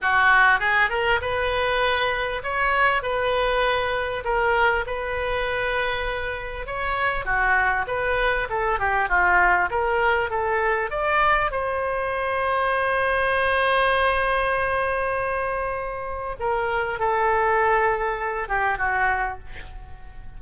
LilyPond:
\new Staff \with { instrumentName = "oboe" } { \time 4/4 \tempo 4 = 99 fis'4 gis'8 ais'8 b'2 | cis''4 b'2 ais'4 | b'2. cis''4 | fis'4 b'4 a'8 g'8 f'4 |
ais'4 a'4 d''4 c''4~ | c''1~ | c''2. ais'4 | a'2~ a'8 g'8 fis'4 | }